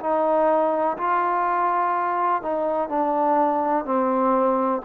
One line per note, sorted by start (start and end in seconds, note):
0.00 0.97 D#4
0.97 2.42 F4
2.42 2.89 D#4
2.89 3.85 D4
3.85 4.82 C4